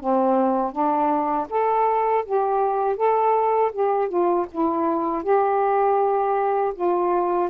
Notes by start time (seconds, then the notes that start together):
0.00 C4
0.72 D4
1.50 A4
2.25 G4
2.96 A4
3.72 G4
4.08 F4
4.51 E4
5.23 G4
6.75 F4